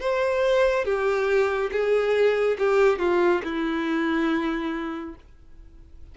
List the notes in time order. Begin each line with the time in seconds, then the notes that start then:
0.00 C5
0.85 G4
1.72 G#4
2.59 G4
2.99 F4
3.44 E4